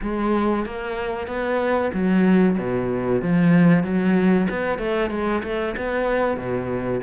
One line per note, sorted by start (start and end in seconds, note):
0.02 0.65 G#3
0.65 1.27 A#3
1.27 1.91 B3
1.93 2.57 F#3
2.58 3.21 B2
3.21 3.83 F3
3.83 4.47 F#3
4.49 4.78 B3
4.78 5.10 A3
5.10 5.42 G#3
5.43 5.74 A3
5.76 6.37 B3
6.37 7.01 B2